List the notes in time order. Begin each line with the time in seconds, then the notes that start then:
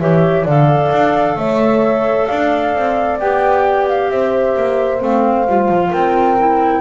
0.00 E3 G4 C#5 E5
0.44 D3 A4 D5 F5
0.92 D4
1.36 A3 C#5 E5
2.27 D4 D5 F5
2.76 C4
3.20 B3 G4 G5
3.88 F5
4.11 C4 C5 E5
4.57 A#3
5.00 A3 C4 F5
5.48 G3 F4
5.69 F3
5.91 C4 A#4 G5
6.38 E4